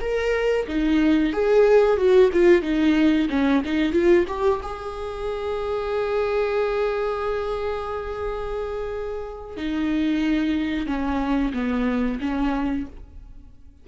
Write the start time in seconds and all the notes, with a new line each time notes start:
0.00 A#4
0.67 D#4
1.32 G#4
1.97 F#4
2.33 F4
2.62 D#4
3.29 C#4
3.64 D#4
3.92 F4
4.27 G4
4.62 G#4
9.56 D#4
10.86 C#4
11.53 B3
12.20 C#4